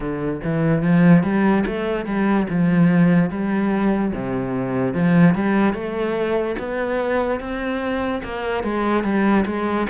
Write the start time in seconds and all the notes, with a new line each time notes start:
0.00 D3
0.44 E3
0.82 F3
1.23 G3
1.66 A3
2.05 G3
2.49 F3
3.30 G3
4.13 C3
4.94 F3
5.34 G3
5.73 A3
6.58 B3
7.40 C4
8.23 A#3
8.63 G#3
9.03 G3
9.46 G#3